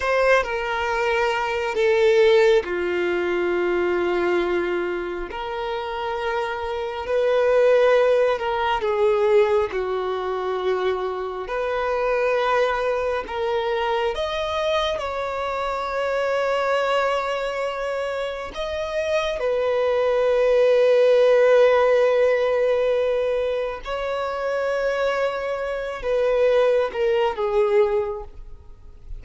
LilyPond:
\new Staff \with { instrumentName = "violin" } { \time 4/4 \tempo 4 = 68 c''8 ais'4. a'4 f'4~ | f'2 ais'2 | b'4. ais'8 gis'4 fis'4~ | fis'4 b'2 ais'4 |
dis''4 cis''2.~ | cis''4 dis''4 b'2~ | b'2. cis''4~ | cis''4. b'4 ais'8 gis'4 | }